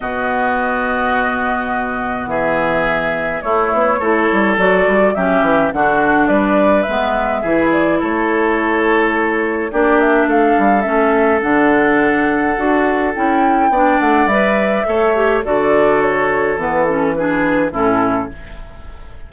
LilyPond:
<<
  \new Staff \with { instrumentName = "flute" } { \time 4/4 \tempo 4 = 105 dis''1 | e''2 cis''2 | d''4 e''4 fis''4 d''4 | e''4. d''8 cis''2~ |
cis''4 d''8 e''8 f''4 e''4 | fis''2. g''4~ | g''8 fis''8 e''2 d''4 | cis''4 b'8 a'8 b'4 a'4 | }
  \new Staff \with { instrumentName = "oboe" } { \time 4/4 fis'1 | gis'2 e'4 a'4~ | a'4 g'4 fis'4 b'4~ | b'4 gis'4 a'2~ |
a'4 g'4 a'2~ | a'1 | d''2 cis''4 a'4~ | a'2 gis'4 e'4 | }
  \new Staff \with { instrumentName = "clarinet" } { \time 4/4 b1~ | b2 a4 e'4 | fis'4 cis'4 d'2 | b4 e'2.~ |
e'4 d'2 cis'4 | d'2 fis'4 e'4 | d'4 b'4 a'8 g'8 fis'4~ | fis'4 b8 cis'8 d'4 cis'4 | }
  \new Staff \with { instrumentName = "bassoon" } { \time 4/4 b,1 | e2 a8 b8 a8 g8 | fis8 g8 fis8 e8 d4 g4 | gis4 e4 a2~ |
a4 ais4 a8 g8 a4 | d2 d'4 cis'4 | b8 a8 g4 a4 d4~ | d4 e2 a,4 | }
>>